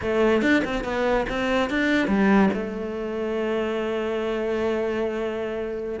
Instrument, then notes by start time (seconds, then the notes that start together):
cello
0.01 A3
0.42 D4
0.64 C4
0.84 B3
1.29 C4
1.70 D4
2.07 G3
2.53 A3